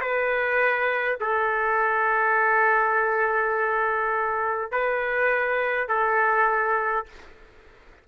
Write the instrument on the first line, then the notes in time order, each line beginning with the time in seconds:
trumpet
0.00 B4
1.20 A4
4.71 B4
5.88 A4